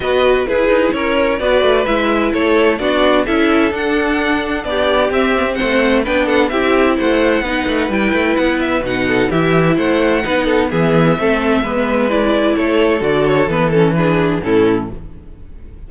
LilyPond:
<<
  \new Staff \with { instrumentName = "violin" } { \time 4/4 \tempo 4 = 129 dis''4 b'4 cis''4 d''4 | e''4 cis''4 d''4 e''4 | fis''2 d''4 e''4 | fis''4 g''8 fis''8 e''4 fis''4~ |
fis''4 g''4 fis''8 e''8 fis''4 | e''4 fis''2 e''4~ | e''2 d''4 cis''4 | d''8 cis''8 b'8 a'8 b'4 a'4 | }
  \new Staff \with { instrumentName = "violin" } { \time 4/4 b'4 gis'4 ais'4 b'4~ | b'4 a'4 fis'4 a'4~ | a'2 g'2 | c''4 b'8 a'8 g'4 c''4 |
b'2.~ b'8 a'8 | g'4 c''4 b'8 a'8 gis'4 | a'4 b'2 a'4~ | a'2 gis'4 e'4 | }
  \new Staff \with { instrumentName = "viola" } { \time 4/4 fis'4 e'2 fis'4 | e'2 d'4 e'4 | d'2. c'8 b16 c'16~ | c'4 d'4 e'2 |
dis'4 e'2 dis'4 | e'2 dis'4 b4 | c'4 b4 e'2 | fis'4 b8 cis'8 d'4 cis'4 | }
  \new Staff \with { instrumentName = "cello" } { \time 4/4 b4 e'8 dis'8 cis'4 b8 a8 | gis4 a4 b4 cis'4 | d'2 b4 c'4 | a4 b4 c'4 a4 |
b8 a8 g8 a8 b4 b,4 | e4 a4 b4 e4 | a4 gis2 a4 | d4 e2 a,4 | }
>>